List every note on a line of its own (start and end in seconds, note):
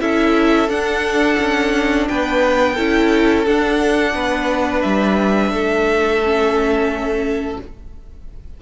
0.00 0.69 C#4
0.00 0.69 E4
0.00 2.09 A4
0.00 0.70 E5
0.69 1.38 D4
0.69 2.76 D4
0.69 2.08 F#5
1.40 2.08 C#4
2.08 2.78 B3
2.08 2.74 B4
2.08 3.46 G5
2.74 3.47 C#4
2.74 3.47 E4
2.74 4.12 A4
3.46 6.23 D4
3.46 4.15 D4
3.46 4.82 F#5
4.15 4.84 B3
4.15 5.53 B4
4.82 5.51 G3
4.82 7.58 E5
5.51 7.58 A3
5.51 7.61 A4
6.24 7.62 C#4